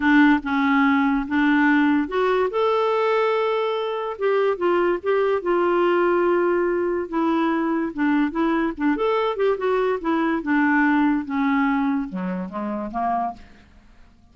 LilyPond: \new Staff \with { instrumentName = "clarinet" } { \time 4/4 \tempo 4 = 144 d'4 cis'2 d'4~ | d'4 fis'4 a'2~ | a'2 g'4 f'4 | g'4 f'2.~ |
f'4 e'2 d'4 | e'4 d'8 a'4 g'8 fis'4 | e'4 d'2 cis'4~ | cis'4 fis4 gis4 ais4 | }